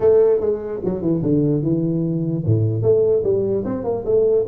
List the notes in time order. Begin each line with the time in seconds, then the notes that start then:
0.00 A3
0.40 G#3
0.84 F#3
1.01 E3
1.22 D3
1.62 E3
2.45 A2
2.82 A3
3.23 G3
3.64 C4
3.84 A#3
4.05 A3